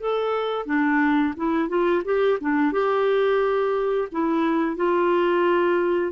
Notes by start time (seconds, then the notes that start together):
0.00 A4
0.66 D4
1.36 E4
1.68 F4
2.04 G4
2.40 D4
2.72 G4
4.12 E4
4.76 F4